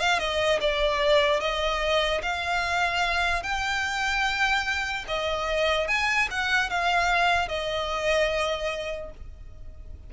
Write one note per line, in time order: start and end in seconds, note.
0.00 0.19 F5
0.19 0.60 D#5
0.61 1.40 D5
1.40 2.21 D#5
2.22 3.43 F5
3.43 5.05 G5
5.08 5.88 D#5
5.88 6.28 G#5
6.31 6.70 F#5
6.70 7.49 F5
7.49 9.11 D#5